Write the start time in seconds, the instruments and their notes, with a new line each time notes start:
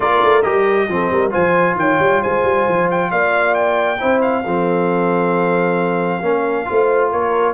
0.00 tuba A#3, trombone F4, horn A#4, trumpet D5
0.22 tuba A3
0.42 tuba G3, trombone G4, trumpet D#5
0.88 tuba F3, trombone C4, horn A4
1.10 tuba G3, horn A#4
1.30 tuba F3, trombone F4, horn C5, trumpet G#5
1.75 tuba D#3, horn C#5, trumpet G5
1.99 tuba G3
2.22 tuba G#3, horn C5, trumpet G#5
2.43 tuba G3
2.68 tuba F3
2.90 trumpet G5
3.11 tuba A#3, horn D5, trumpet F5
3.54 trumpet G5
3.99 tuba C4, trombone E4, horn C5
4.21 trumpet F5
4.44 tuba F3, trombone C4, horn A4
6.22 tuba A#3, trombone C#4, horn A#4
6.65 tuba A3, trombone F4, horn C5
7.11 tuba A#3, horn A#4, trumpet C#5